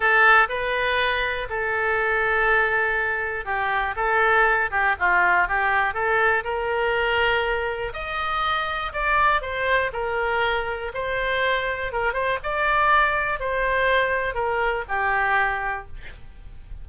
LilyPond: \new Staff \with { instrumentName = "oboe" } { \time 4/4 \tempo 4 = 121 a'4 b'2 a'4~ | a'2. g'4 | a'4. g'8 f'4 g'4 | a'4 ais'2. |
dis''2 d''4 c''4 | ais'2 c''2 | ais'8 c''8 d''2 c''4~ | c''4 ais'4 g'2 | }